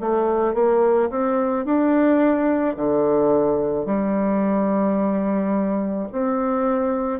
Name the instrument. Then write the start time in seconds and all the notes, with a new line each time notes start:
bassoon
0.00 A3
0.54 A#3
1.10 C4
1.65 D4
2.76 D3
3.85 G3
6.12 C4